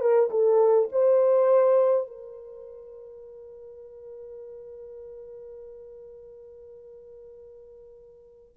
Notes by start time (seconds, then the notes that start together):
0.00 A#4
0.30 A4
0.92 C5
2.07 A#4